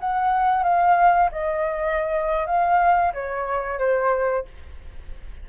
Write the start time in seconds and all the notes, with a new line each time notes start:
0.00 F#5
0.63 F5
1.32 D#5
2.46 F5
3.13 C#5
3.78 C5